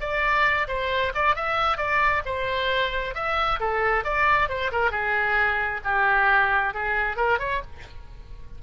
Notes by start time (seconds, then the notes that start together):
0.00 D5
0.68 C5
1.14 D5
1.35 E5
1.77 D5
2.25 C5
3.14 E5
3.59 A4
4.04 D5
4.49 C5
4.71 A#4
4.91 G#4
5.84 G4
6.73 G#4
7.16 A#4
7.39 C#5